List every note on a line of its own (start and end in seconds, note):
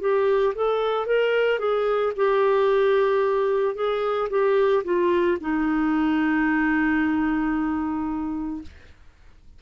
0.00 0.54 G4
0.55 1.06 A4
1.06 1.58 A#4
1.58 2.12 G#4
2.16 3.75 G4
3.75 4.29 G#4
4.30 4.83 G4
4.84 5.38 F4
5.40 8.62 D#4